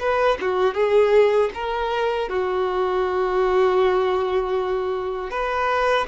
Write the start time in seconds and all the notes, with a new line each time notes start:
0.00 B4
0.41 F#4
0.75 G#4
1.54 A#4
2.29 F#4
5.31 B4